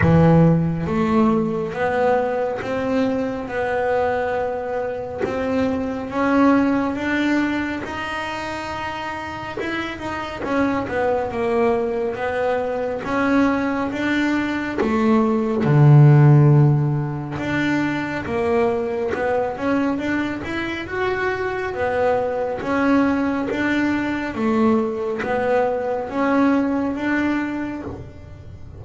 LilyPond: \new Staff \with { instrumentName = "double bass" } { \time 4/4 \tempo 4 = 69 e4 a4 b4 c'4 | b2 c'4 cis'4 | d'4 dis'2 e'8 dis'8 | cis'8 b8 ais4 b4 cis'4 |
d'4 a4 d2 | d'4 ais4 b8 cis'8 d'8 e'8 | fis'4 b4 cis'4 d'4 | a4 b4 cis'4 d'4 | }